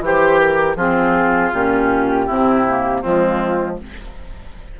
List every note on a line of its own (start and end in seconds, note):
0.00 0.75 E3
0.00 0.77 G4
0.00 0.76 G4
0.06 0.39 C5
0.39 0.76 A#4
0.76 1.51 F3
0.76 1.52 C4
0.76 2.26 F4
0.76 1.52 G#4
1.52 2.27 A#2
1.52 2.28 C#4
1.52 3.02 G4
2.26 3.04 C3
2.26 2.66 C4
2.26 3.01 E4
2.68 3.03 A#3
3.01 3.80 F3
3.01 3.78 G#3
3.01 3.76 C4
3.01 3.77 F4